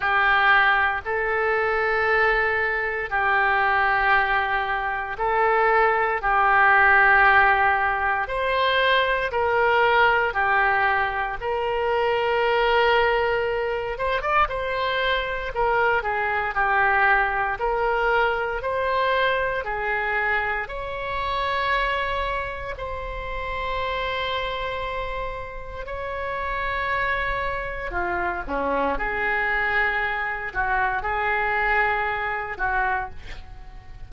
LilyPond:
\new Staff \with { instrumentName = "oboe" } { \time 4/4 \tempo 4 = 58 g'4 a'2 g'4~ | g'4 a'4 g'2 | c''4 ais'4 g'4 ais'4~ | ais'4. c''16 d''16 c''4 ais'8 gis'8 |
g'4 ais'4 c''4 gis'4 | cis''2 c''2~ | c''4 cis''2 f'8 cis'8 | gis'4. fis'8 gis'4. fis'8 | }